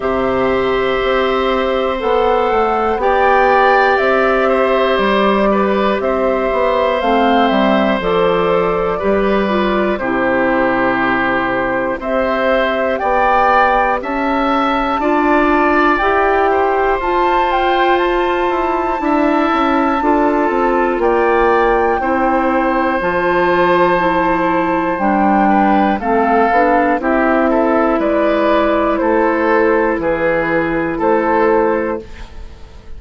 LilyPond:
<<
  \new Staff \with { instrumentName = "flute" } { \time 4/4 \tempo 4 = 60 e''2 fis''4 g''4 | e''4 d''4 e''4 f''8 e''8 | d''2 c''2 | e''4 g''4 a''2 |
g''4 a''8 g''8 a''2~ | a''4 g''2 a''4~ | a''4 g''4 f''4 e''4 | d''4 c''4 b'4 c''4 | }
  \new Staff \with { instrumentName = "oboe" } { \time 4/4 c''2. d''4~ | d''8 c''4 b'8 c''2~ | c''4 b'4 g'2 | c''4 d''4 e''4 d''4~ |
d''8 c''2~ c''8 e''4 | a'4 d''4 c''2~ | c''4. b'8 a'4 g'8 a'8 | b'4 a'4 gis'4 a'4 | }
  \new Staff \with { instrumentName = "clarinet" } { \time 4/4 g'2 a'4 g'4~ | g'2. c'4 | a'4 g'8 f'8 e'2 | g'2. f'4 |
g'4 f'2 e'4 | f'2 e'4 f'4 | e'4 d'4 c'8 d'8 e'4~ | e'1 | }
  \new Staff \with { instrumentName = "bassoon" } { \time 4/4 c4 c'4 b8 a8 b4 | c'4 g4 c'8 b8 a8 g8 | f4 g4 c2 | c'4 b4 cis'4 d'4 |
e'4 f'4. e'8 d'8 cis'8 | d'8 c'8 ais4 c'4 f4~ | f4 g4 a8 b8 c'4 | gis4 a4 e4 a4 | }
>>